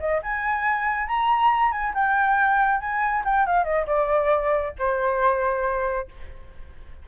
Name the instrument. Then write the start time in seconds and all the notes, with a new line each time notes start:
flute
0.00 D#5
0.23 G#5
1.08 A#5
1.72 G#5
1.94 G5
2.80 G#5
3.25 G5
3.46 F5
3.65 D#5
3.87 D5
4.79 C5